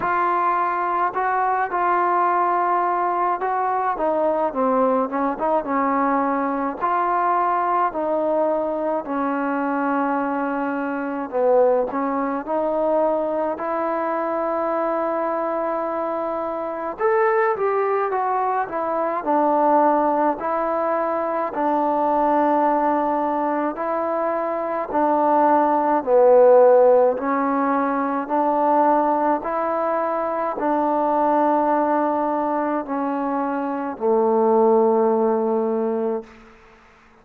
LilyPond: \new Staff \with { instrumentName = "trombone" } { \time 4/4 \tempo 4 = 53 f'4 fis'8 f'4. fis'8 dis'8 | c'8 cis'16 dis'16 cis'4 f'4 dis'4 | cis'2 b8 cis'8 dis'4 | e'2. a'8 g'8 |
fis'8 e'8 d'4 e'4 d'4~ | d'4 e'4 d'4 b4 | cis'4 d'4 e'4 d'4~ | d'4 cis'4 a2 | }